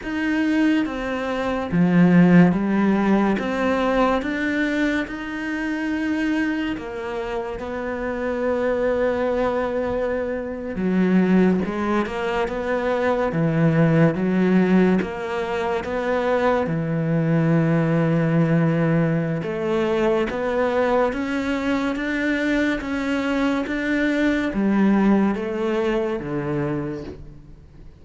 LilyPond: \new Staff \with { instrumentName = "cello" } { \time 4/4 \tempo 4 = 71 dis'4 c'4 f4 g4 | c'4 d'4 dis'2 | ais4 b2.~ | b8. fis4 gis8 ais8 b4 e16~ |
e8. fis4 ais4 b4 e16~ | e2. a4 | b4 cis'4 d'4 cis'4 | d'4 g4 a4 d4 | }